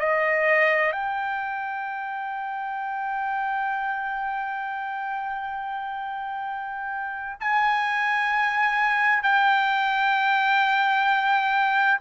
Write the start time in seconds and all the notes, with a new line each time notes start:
0.00 D#5
0.92 G5
7.40 G#5
9.23 G5